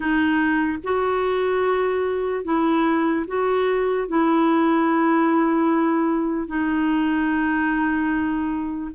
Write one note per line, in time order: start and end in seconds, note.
0.00 0.78 D#4
0.83 2.44 F#4
2.44 3.25 E4
3.27 4.08 F#4
4.08 6.47 E4
6.47 8.90 D#4